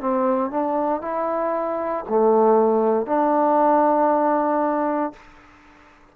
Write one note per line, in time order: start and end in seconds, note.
0.00 0.50 C4
0.50 1.02 D4
1.02 2.05 E4
2.08 3.06 A3
3.06 5.13 D4